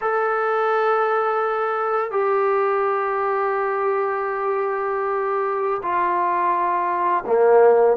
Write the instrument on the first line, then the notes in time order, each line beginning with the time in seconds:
trombone
0.01 A4
2.11 G4
5.82 F4
7.26 A#3